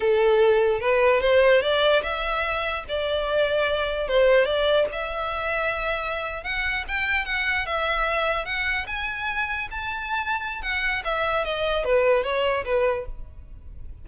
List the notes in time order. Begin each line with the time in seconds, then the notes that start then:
0.00 A4
0.80 B4
1.21 C5
1.61 D5
2.02 E5
2.88 D5
4.07 C5
4.45 D5
4.92 E5
6.43 F#5
6.88 G5
7.25 F#5
7.66 E5
8.45 F#5
8.86 G#5
9.71 A5
10.62 F#5
11.04 E5
11.44 D#5
11.84 B4
12.23 C#5
12.64 B4